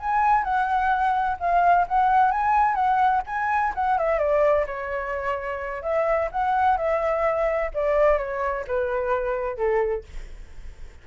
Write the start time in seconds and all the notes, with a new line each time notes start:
0.00 G#5
0.44 F#5
1.40 F5
1.88 F#5
2.32 G#5
2.75 F#5
3.27 G#5
3.75 F#5
3.98 E5
4.19 D5
4.67 C#5
5.83 E5
6.32 F#5
6.77 E5
7.74 D5
8.18 C#5
8.67 B4
9.57 A4